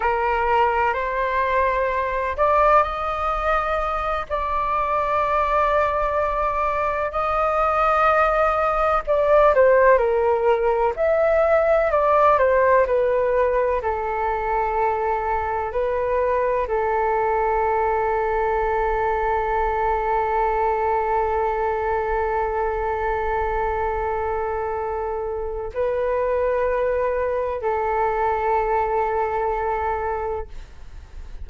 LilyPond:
\new Staff \with { instrumentName = "flute" } { \time 4/4 \tempo 4 = 63 ais'4 c''4. d''8 dis''4~ | dis''8 d''2. dis''8~ | dis''4. d''8 c''8 ais'4 e''8~ | e''8 d''8 c''8 b'4 a'4.~ |
a'8 b'4 a'2~ a'8~ | a'1~ | a'2. b'4~ | b'4 a'2. | }